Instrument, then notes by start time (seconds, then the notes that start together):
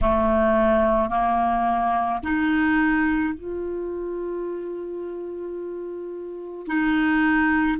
clarinet
0.01 A3
1.09 A#3
2.23 D#4
3.34 F4
6.67 D#4